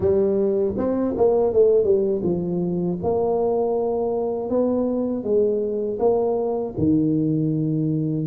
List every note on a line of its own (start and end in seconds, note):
0.00 0.74 G3
0.77 1.14 C4
1.16 1.53 A#3
1.53 1.84 A3
1.84 2.21 G3
2.23 2.98 F3
3.03 4.49 A#3
4.49 5.23 B3
5.23 5.98 G#3
5.99 6.74 A#3
6.77 8.26 D#3